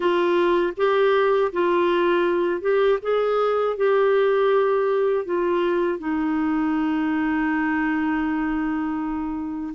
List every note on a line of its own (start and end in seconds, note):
0.00 0.73 F4
0.76 1.51 G4
1.52 2.61 F4
2.61 2.98 G4
3.01 3.76 G#4
3.76 5.25 G4
5.25 5.99 F4
5.99 9.74 D#4